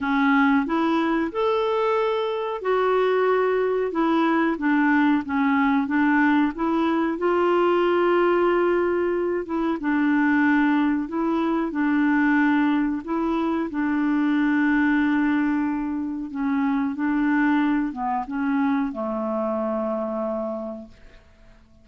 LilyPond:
\new Staff \with { instrumentName = "clarinet" } { \time 4/4 \tempo 4 = 92 cis'4 e'4 a'2 | fis'2 e'4 d'4 | cis'4 d'4 e'4 f'4~ | f'2~ f'8 e'8 d'4~ |
d'4 e'4 d'2 | e'4 d'2.~ | d'4 cis'4 d'4. b8 | cis'4 a2. | }